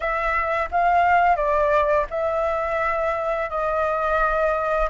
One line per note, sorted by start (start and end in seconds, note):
0.00 0.69 E5
0.71 1.36 F5
1.36 2.05 D5
2.10 3.49 E5
3.49 4.89 D#5